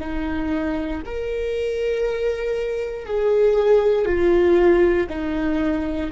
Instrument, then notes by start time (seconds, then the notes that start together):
viola
0.00 D#4
1.06 A#4
3.06 G#4
4.05 F4
5.09 D#4